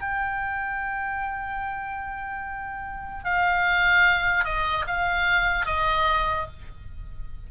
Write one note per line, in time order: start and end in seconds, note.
0.00 3.24 G5
3.24 4.44 F5
4.44 4.85 D#5
4.86 5.65 F5
5.65 6.46 D#5